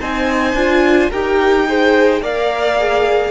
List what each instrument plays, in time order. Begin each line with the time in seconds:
0.00 cello C4, viola D#4, violin C5 G#5
0.53 cello D4, viola F4
1.10 cello D#4, viola G4, violin A#4 G5
1.67 viola G#4, violin C5
2.21 cello A#3, viola A#4, violin D5 F5
2.78 viola G#4